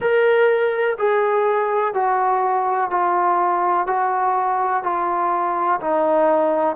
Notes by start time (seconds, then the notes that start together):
0.00 A#4
0.98 G#4
1.94 F#4
2.90 F4
3.87 F#4
4.83 F4
5.81 D#4